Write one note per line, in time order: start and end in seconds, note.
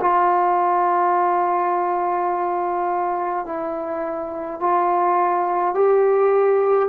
0.00 3.45 F4
3.45 4.59 E4
4.59 5.74 F4
5.74 6.88 G4